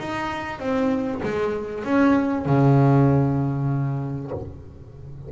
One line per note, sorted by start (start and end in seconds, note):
0.00 0.60 D#4
0.60 1.22 C4
1.24 1.85 G#3
1.85 2.46 C#4
2.46 4.32 C#3